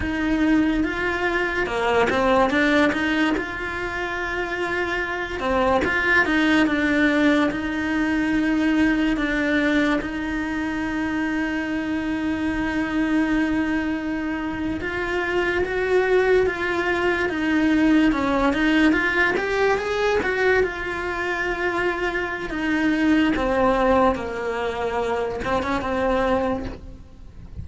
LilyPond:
\new Staff \with { instrumentName = "cello" } { \time 4/4 \tempo 4 = 72 dis'4 f'4 ais8 c'8 d'8 dis'8 | f'2~ f'8 c'8 f'8 dis'8 | d'4 dis'2 d'4 | dis'1~ |
dis'4.~ dis'16 f'4 fis'4 f'16~ | f'8. dis'4 cis'8 dis'8 f'8 g'8 gis'16~ | gis'16 fis'8 f'2~ f'16 dis'4 | c'4 ais4. c'16 cis'16 c'4 | }